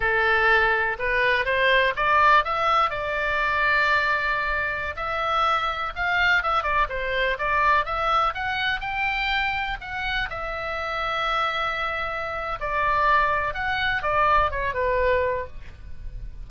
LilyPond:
\new Staff \with { instrumentName = "oboe" } { \time 4/4 \tempo 4 = 124 a'2 b'4 c''4 | d''4 e''4 d''2~ | d''2~ d''16 e''4.~ e''16~ | e''16 f''4 e''8 d''8 c''4 d''8.~ |
d''16 e''4 fis''4 g''4.~ g''16~ | g''16 fis''4 e''2~ e''8.~ | e''2 d''2 | fis''4 d''4 cis''8 b'4. | }